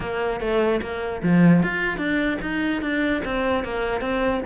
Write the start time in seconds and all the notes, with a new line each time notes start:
0.00 A#3
0.40 A3
0.81 A#3
1.22 F3
1.63 F4
1.97 D4
2.41 D#4
2.82 D4
3.25 C4
3.64 A#3
4.00 C4